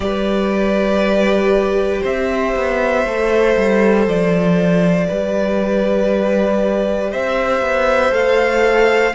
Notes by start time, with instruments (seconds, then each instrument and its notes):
0.00 cello G3, viola G4, violin B4 D5
2.01 cello C4, violin C5 E5
2.56 cello B3
3.05 cello A3, viola A4
3.56 cello G3
4.07 cello F3, violin D5
5.07 cello G3, viola G4, violin B4
7.11 cello C4, violin C5 E5
7.60 cello B3
8.11 cello A3, viola A4, violin F5